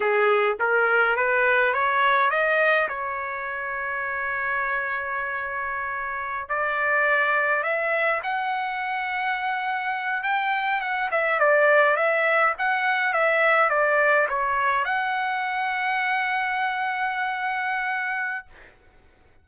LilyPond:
\new Staff \with { instrumentName = "trumpet" } { \time 4/4 \tempo 4 = 104 gis'4 ais'4 b'4 cis''4 | dis''4 cis''2.~ | cis''2.~ cis''16 d''8.~ | d''4~ d''16 e''4 fis''4.~ fis''16~ |
fis''4.~ fis''16 g''4 fis''8 e''8 d''16~ | d''8. e''4 fis''4 e''4 d''16~ | d''8. cis''4 fis''2~ fis''16~ | fis''1 | }